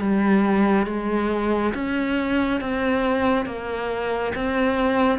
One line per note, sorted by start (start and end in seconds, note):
0.00 0.86 G3
0.86 1.73 G#3
1.74 2.60 C#4
2.60 3.46 C4
3.46 4.33 A#3
4.35 5.19 C4